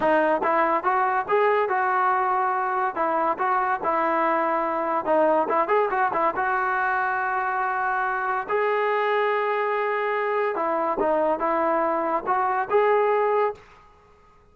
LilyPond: \new Staff \with { instrumentName = "trombone" } { \time 4/4 \tempo 4 = 142 dis'4 e'4 fis'4 gis'4 | fis'2. e'4 | fis'4 e'2. | dis'4 e'8 gis'8 fis'8 e'8 fis'4~ |
fis'1 | gis'1~ | gis'4 e'4 dis'4 e'4~ | e'4 fis'4 gis'2 | }